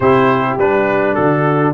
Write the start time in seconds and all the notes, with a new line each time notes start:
0.00 C3 E4 G4 C5
0.57 G3 D4 B4
1.14 D3 F#4 A4